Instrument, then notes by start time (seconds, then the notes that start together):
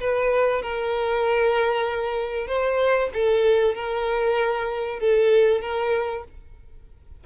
violin
0.00 B4
0.62 A#4
2.47 C5
3.14 A4
3.75 A#4
5.00 A4
5.61 A#4